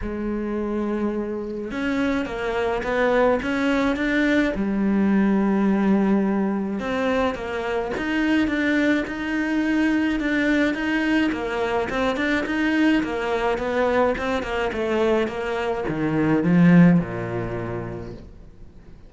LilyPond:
\new Staff \with { instrumentName = "cello" } { \time 4/4 \tempo 4 = 106 gis2. cis'4 | ais4 b4 cis'4 d'4 | g1 | c'4 ais4 dis'4 d'4 |
dis'2 d'4 dis'4 | ais4 c'8 d'8 dis'4 ais4 | b4 c'8 ais8 a4 ais4 | dis4 f4 ais,2 | }